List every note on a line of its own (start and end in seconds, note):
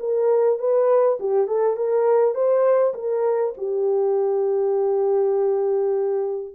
0.00 0.59 A#4
0.59 1.18 B4
1.20 1.48 G4
1.48 1.77 A4
1.77 2.35 A#4
2.35 2.94 C5
2.94 3.54 A#4
3.57 6.54 G4